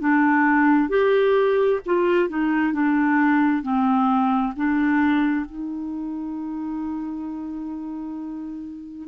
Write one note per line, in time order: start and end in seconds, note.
0.00 0.90 D4
0.90 1.81 G4
1.86 2.29 F4
2.29 2.74 D#4
2.74 3.63 D4
3.63 4.54 C4
4.57 5.46 D4
5.46 9.09 D#4